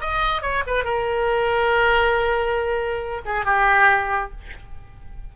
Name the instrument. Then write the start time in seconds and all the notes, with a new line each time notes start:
oboe
0.00 D#5
0.41 C#5
0.66 B4
0.84 A#4
3.25 G#4
3.45 G4